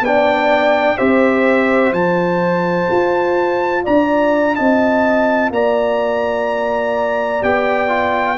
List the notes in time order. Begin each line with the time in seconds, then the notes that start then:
0.00 B3 D4 D5 G5
0.98 C4 G4 C5 E5
1.92 F3 F4 A5
2.91 F4
3.84 D4 D5 A#5
4.55 C4 D#5 A5
5.51 A#3 D5 A#5
7.41 B3 G4 G5
7.88 F4